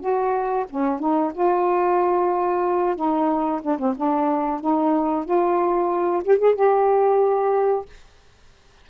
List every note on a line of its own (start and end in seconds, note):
0.00 0.65 F#4
0.70 0.99 C#4
0.99 1.32 D#4
1.34 2.96 F4
2.96 3.61 D#4
3.62 3.78 D4
3.78 3.95 C4
3.96 4.60 D4
4.60 5.25 D#4
5.25 6.23 F4
6.24 6.38 G4
6.38 6.55 G#4
6.55 7.85 G4